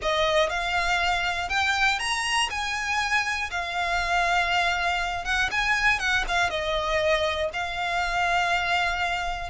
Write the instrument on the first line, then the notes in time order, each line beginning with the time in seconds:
violin
0.02 D#5
0.49 F5
1.49 G5
1.99 A#5
2.50 G#5
3.50 F5
5.24 F#5
5.51 G#5
5.99 F#5
6.27 F5
6.50 D#5
7.52 F5